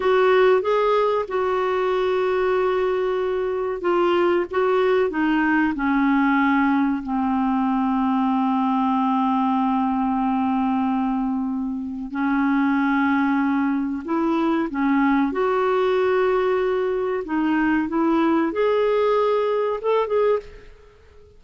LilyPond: \new Staff \with { instrumentName = "clarinet" } { \time 4/4 \tempo 4 = 94 fis'4 gis'4 fis'2~ | fis'2 f'4 fis'4 | dis'4 cis'2 c'4~ | c'1~ |
c'2. cis'4~ | cis'2 e'4 cis'4 | fis'2. dis'4 | e'4 gis'2 a'8 gis'8 | }